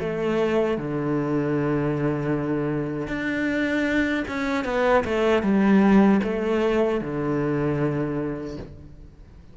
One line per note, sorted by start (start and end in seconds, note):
0.00 0.78 A3
0.78 3.07 D3
3.07 4.24 D4
4.28 4.65 C#4
4.65 5.04 B3
5.05 5.43 A3
5.43 6.21 G3
6.24 7.01 A3
7.01 8.57 D3